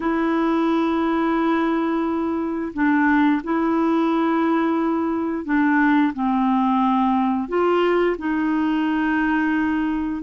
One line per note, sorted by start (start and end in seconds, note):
0.00 2.73 E4
2.73 3.41 D4
3.43 5.44 E4
5.44 6.12 D4
6.13 7.48 C4
7.48 8.16 F4
8.18 10.22 D#4